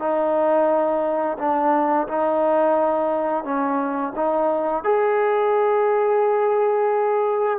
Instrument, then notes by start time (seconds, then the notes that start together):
trombone
0.00 D#4
1.39 D4
2.08 D#4
3.45 C#4
4.16 D#4
4.84 G#4